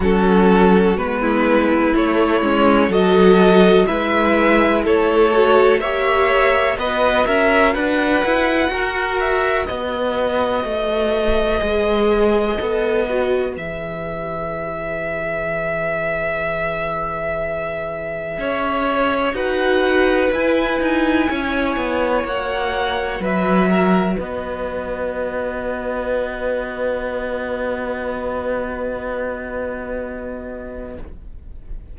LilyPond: <<
  \new Staff \with { instrumentName = "violin" } { \time 4/4 \tempo 4 = 62 a'4 b'4 cis''4 dis''4 | e''4 cis''4 e''4 dis''8 e''8 | fis''4. e''8 dis''2~ | dis''2 e''2~ |
e''1 | fis''4 gis''2 fis''4 | e''4 dis''2.~ | dis''1 | }
  \new Staff \with { instrumentName = "violin" } { \time 4/4 fis'4~ fis'16 e'4.~ e'16 a'4 | b'4 a'4 cis''4 b'8 ais'8 | b'4 ais'4 b'2~ | b'1~ |
b'2. cis''4 | b'2 cis''2 | b'8 ais'8 b'2.~ | b'1 | }
  \new Staff \with { instrumentName = "viola" } { \time 4/4 cis'4 b4 a8 cis'8 fis'4 | e'4. fis'8 g'4 fis'4~ | fis'1 | gis'4 a'8 fis'8 gis'2~ |
gis'1 | fis'4 e'2 fis'4~ | fis'1~ | fis'1 | }
  \new Staff \with { instrumentName = "cello" } { \time 4/4 fis4 gis4 a8 gis8 fis4 | gis4 a4 ais4 b8 cis'8 | d'8 e'8 fis'4 b4 a4 | gis4 b4 e2~ |
e2. cis'4 | dis'4 e'8 dis'8 cis'8 b8 ais4 | fis4 b2.~ | b1 | }
>>